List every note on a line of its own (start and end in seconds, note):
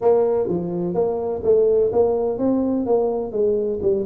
0.01 0.48 A#3
0.48 0.94 F3
0.94 1.42 A#3
1.43 1.91 A3
1.92 2.38 A#3
2.38 2.86 C4
2.86 3.32 A#3
3.32 3.79 G#3
3.81 4.05 G3